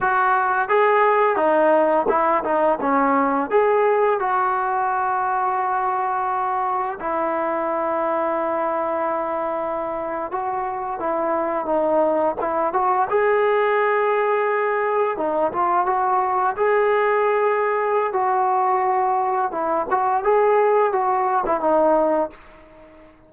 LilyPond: \new Staff \with { instrumentName = "trombone" } { \time 4/4 \tempo 4 = 86 fis'4 gis'4 dis'4 e'8 dis'8 | cis'4 gis'4 fis'2~ | fis'2 e'2~ | e'2~ e'8. fis'4 e'16~ |
e'8. dis'4 e'8 fis'8 gis'4~ gis'16~ | gis'4.~ gis'16 dis'8 f'8 fis'4 gis'16~ | gis'2 fis'2 | e'8 fis'8 gis'4 fis'8. e'16 dis'4 | }